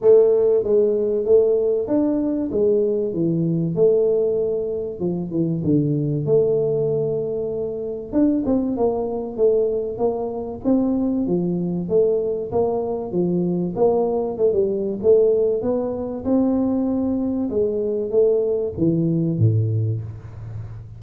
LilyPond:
\new Staff \with { instrumentName = "tuba" } { \time 4/4 \tempo 4 = 96 a4 gis4 a4 d'4 | gis4 e4 a2 | f8 e8 d4 a2~ | a4 d'8 c'8 ais4 a4 |
ais4 c'4 f4 a4 | ais4 f4 ais4 a16 g8. | a4 b4 c'2 | gis4 a4 e4 a,4 | }